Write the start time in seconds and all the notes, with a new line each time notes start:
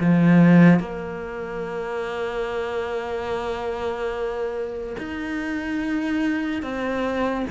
0.00 F3
0.79 A#3
4.98 D#4
6.62 C4